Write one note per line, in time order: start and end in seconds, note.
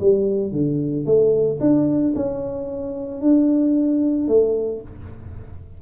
0.00 0.51 G3
0.51 1.05 D3
1.05 1.59 A3
1.60 2.13 D4
2.15 3.21 C#4
3.21 4.28 D4
4.28 4.81 A3